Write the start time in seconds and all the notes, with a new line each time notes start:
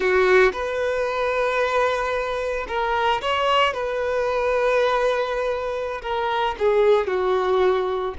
0.00 F#4
0.52 B4
2.67 A#4
3.21 C#5
3.73 B4
6.02 A#4
6.58 G#4
7.07 F#4